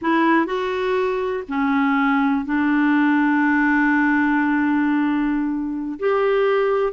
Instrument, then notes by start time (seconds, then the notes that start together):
clarinet
0.01 E4
0.46 F#4
1.48 C#4
2.45 D4
5.99 G4